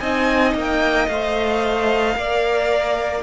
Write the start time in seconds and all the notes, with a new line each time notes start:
0.00 C4 D#4 D#5 G#5
0.54 A#3 G5
1.08 A3 C5 F5
2.14 A#3 A#4 D5